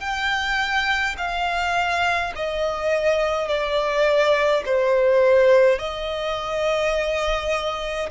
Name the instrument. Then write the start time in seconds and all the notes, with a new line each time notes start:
violin
0.00 G5
1.17 F5
2.35 D#5
3.48 D5
4.65 C5
5.78 D#5